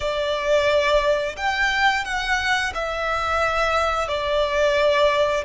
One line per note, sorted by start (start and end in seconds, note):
0.00 1.36 D5
1.36 2.04 G5
2.04 2.72 F#5
2.74 4.08 E5
4.08 5.44 D5